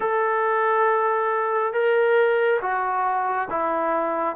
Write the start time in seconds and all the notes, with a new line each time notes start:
0.00 A4
1.73 A#4
2.61 F#4
3.50 E4